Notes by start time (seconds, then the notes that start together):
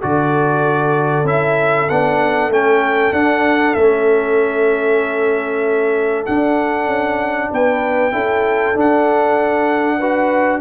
0.00 D3 F#4 A4 D5
1.23 C#4 E4 E5
1.89 B3 D4 F#5
2.49 A3 C#4 G5
3.12 D4 F#5
3.74 A3 C#4 E5
6.26 D4 F#5
6.87 C#4
7.51 B3 B4 G5
8.12 C#4 E4 A4
8.74 D4 F#5
9.98 F#4 B4